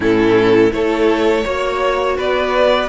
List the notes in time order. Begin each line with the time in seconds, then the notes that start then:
0.00 A2 C#4 E4 A4
0.70 A3 E4 A4 C#5
1.44 A#3 F#4 C#5
2.17 B3 B4 D5